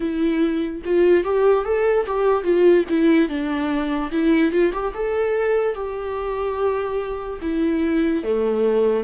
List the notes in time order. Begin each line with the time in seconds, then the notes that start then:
0.00 E4
0.84 F4
1.23 G4
1.64 A4
2.06 G4
2.43 F4
2.89 E4
3.28 D4
4.11 E4
4.51 F4
4.72 G4
4.94 A4
5.74 G4
7.41 E4
8.23 A3